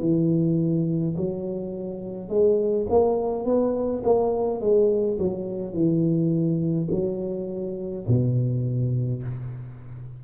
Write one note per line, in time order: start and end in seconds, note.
0.00 1.15 E3
1.17 2.29 F#3
2.29 2.86 G#3
2.89 3.45 A#3
3.45 4.02 B3
4.03 4.60 A#3
4.60 5.18 G#3
5.19 5.73 F#3
5.73 6.89 E3
6.91 8.06 F#3
8.07 9.23 B2